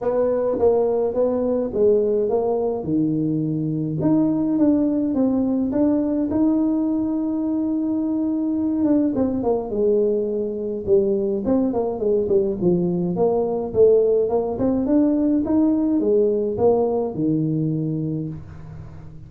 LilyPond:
\new Staff \with { instrumentName = "tuba" } { \time 4/4 \tempo 4 = 105 b4 ais4 b4 gis4 | ais4 dis2 dis'4 | d'4 c'4 d'4 dis'4~ | dis'2.~ dis'8 d'8 |
c'8 ais8 gis2 g4 | c'8 ais8 gis8 g8 f4 ais4 | a4 ais8 c'8 d'4 dis'4 | gis4 ais4 dis2 | }